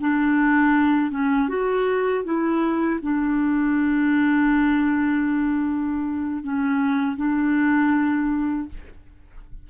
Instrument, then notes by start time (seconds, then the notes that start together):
clarinet
0.00 D4
1.11 C#4
1.48 F#4
2.24 E4
3.02 D4
6.43 C#4
7.16 D4